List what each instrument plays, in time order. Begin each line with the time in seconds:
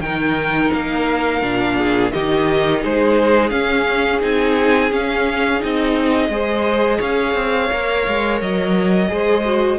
0.00 cello D#3, viola D#4, violin A#4 G5
0.73 cello A#3, violin F5
1.41 cello A#2, viola D4
1.77 violin G#4
2.11 cello D#3, viola D#4, violin G4 D#5
2.81 cello G#3, violin G#4 C5
3.49 viola C#4, cello C#4, violin F5
4.20 cello C4, viola D#4, violin G#5
4.91 viola C#4, cello C#4, violin F5
5.60 cello C4, viola D#4, violin D#5
6.28 cello G#3, viola G#4, violin C5
6.99 cello C#4, violin C#5 F5
7.34 cello C4
7.72 cello A#3, viola A#4
8.07 cello G#3
8.41 cello F#3, violin D#5
9.08 cello G#3, viola G#4, violin C5
9.45 viola F#4